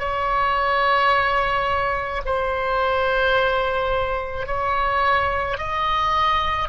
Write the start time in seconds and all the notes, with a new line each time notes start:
0.00 C#5
2.26 C5
4.47 C#5
5.58 D#5